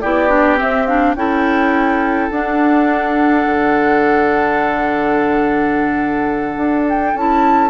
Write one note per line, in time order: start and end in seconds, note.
0.00 0.60 B3
0.00 0.28 E4
0.00 1.15 G4
0.00 0.57 D5
0.28 0.56 D4
0.56 0.85 C4
0.56 1.15 C4
0.56 0.86 E5
0.86 1.16 D4
0.86 1.14 F5
1.15 2.29 C#4
1.15 2.30 E4
1.15 7.69 A4
1.15 2.29 G5
2.29 3.45 D4
2.29 7.16 D4
2.29 6.86 F#5
3.46 6.56 D3
6.56 7.13 D4
6.88 7.16 G5
7.14 7.69 C#4
7.14 7.69 E4
7.14 7.69 A5